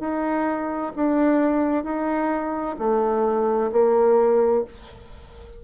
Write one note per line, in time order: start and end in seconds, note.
0.00 0.92 D#4
0.97 1.84 D4
1.84 2.77 D#4
2.79 3.71 A3
3.72 4.64 A#3